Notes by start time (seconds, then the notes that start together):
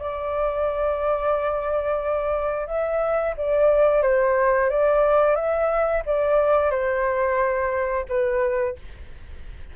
0.00 D5
2.67 E5
3.37 D5
4.03 C5
4.70 D5
5.36 E5
6.06 D5
6.71 C5
8.09 B4